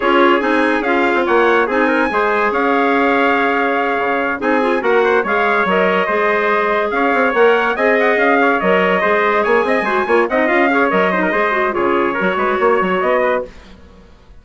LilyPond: <<
  \new Staff \with { instrumentName = "trumpet" } { \time 4/4 \tempo 4 = 143 cis''4 gis''4 f''4 fis''4 | gis''2 f''2~ | f''2~ f''8 gis''4 fis''8~ | fis''8 f''4 dis''2~ dis''8~ |
dis''8 f''4 fis''4 gis''8 fis''8 f''8~ | f''8 dis''2 gis''4.~ | gis''8 fis''8 f''4 dis''2 | cis''2. dis''4 | }
  \new Staff \with { instrumentName = "trumpet" } { \time 4/4 gis'2. cis''4 | gis'8 ais'8 c''4 cis''2~ | cis''2~ cis''8 gis'4 ais'8 | c''8 cis''2 c''4.~ |
c''8 cis''2 dis''4. | cis''4. c''4 cis''8 dis''8 c''8 | cis''8 dis''4 cis''4 c''16 ais'16 c''4 | gis'4 ais'8 b'8 cis''4. b'8 | }
  \new Staff \with { instrumentName = "clarinet" } { \time 4/4 f'4 dis'4 f'2 | dis'4 gis'2.~ | gis'2~ gis'8 dis'8 f'8 fis'8~ | fis'8 gis'4 ais'4 gis'4.~ |
gis'4. ais'4 gis'4.~ | gis'8 ais'4 gis'2 fis'8 | f'8 dis'8 f'8 gis'8 ais'8 dis'8 gis'8 fis'8 | f'4 fis'2. | }
  \new Staff \with { instrumentName = "bassoon" } { \time 4/4 cis'4 c'4 cis'8. c'16 ais4 | c'4 gis4 cis'2~ | cis'4. cis4 c'4 ais8~ | ais8 gis4 fis4 gis4.~ |
gis8 cis'8 c'8 ais4 c'4 cis'8~ | cis'8 fis4 gis4 ais8 c'8 gis8 | ais8 c'8 cis'4 fis4 gis4 | cis4 fis8 gis8 ais8 fis8 b4 | }
>>